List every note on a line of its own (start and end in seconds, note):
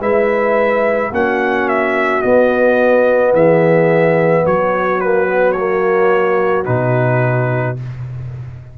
0.00 1.12 G#3
0.00 1.12 E4
0.00 1.11 B4
0.00 1.14 E5
1.12 2.23 A#3
1.12 2.23 C#4
1.12 3.36 F#4
1.12 1.69 F#5
1.69 2.22 E5
2.22 5.01 B3
2.22 3.34 B3
2.22 3.34 D#5
3.34 4.45 E3
3.34 4.45 G#4
3.34 4.47 E5
4.45 6.68 F#3
4.45 7.78 F#4
4.45 5.01 C#5
5.01 5.27 A#3
5.01 5.53 B4
5.27 5.55 B3
5.53 6.66 A#3
5.53 6.64 C#5
6.66 7.79 B2
6.66 7.77 D#4
6.66 7.77 B4